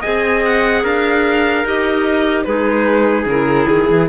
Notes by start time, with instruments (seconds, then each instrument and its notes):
0.00 cello C4, clarinet G#4, trumpet D#5, violin G#5
0.45 violin F#5
0.83 cello D4, trumpet A#4, violin F5
1.64 cello D#4, clarinet G4, violin D#5
2.43 cello G#3, clarinet D#4, trumpet G#4, violin B4
3.26 cello C#3, clarinet E4, violin A#4
3.68 cello D#3, violin G#4
3.90 cello E3